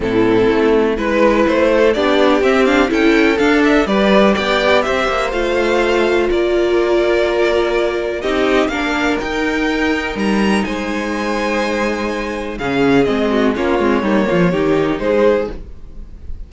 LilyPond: <<
  \new Staff \with { instrumentName = "violin" } { \time 4/4 \tempo 4 = 124 a'2 b'4 c''4 | d''4 e''8 f''8 g''4 f''8 e''8 | d''4 g''4 e''4 f''4~ | f''4 d''2.~ |
d''4 dis''4 f''4 g''4~ | g''4 ais''4 gis''2~ | gis''2 f''4 dis''4 | cis''2. c''4 | }
  \new Staff \with { instrumentName = "violin" } { \time 4/4 e'2 b'4. a'8 | g'2 a'2 | b'4 d''4 c''2~ | c''4 ais'2.~ |
ais'4 g'4 ais'2~ | ais'2 c''2~ | c''2 gis'4. fis'8 | f'4 dis'8 f'8 g'4 gis'4 | }
  \new Staff \with { instrumentName = "viola" } { \time 4/4 c'2 e'2 | d'4 c'8 d'8 e'4 d'4 | g'2. f'4~ | f'1~ |
f'4 dis'4 d'4 dis'4~ | dis'1~ | dis'2 cis'4 c'4 | cis'8 c'8 ais4 dis'2 | }
  \new Staff \with { instrumentName = "cello" } { \time 4/4 a,4 a4 gis4 a4 | b4 c'4 cis'4 d'4 | g4 b4 c'8 ais8 a4~ | a4 ais2.~ |
ais4 c'4 ais4 dis'4~ | dis'4 g4 gis2~ | gis2 cis4 gis4 | ais8 gis8 g8 f8 dis4 gis4 | }
>>